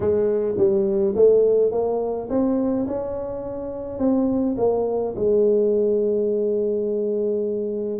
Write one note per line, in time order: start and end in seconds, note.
0.00 0.55 G#3
0.57 1.15 G3
1.15 1.71 A3
1.71 2.29 A#3
2.29 2.86 C4
2.87 3.98 C#4
3.98 4.56 C4
4.57 5.14 A#3
5.16 7.99 G#3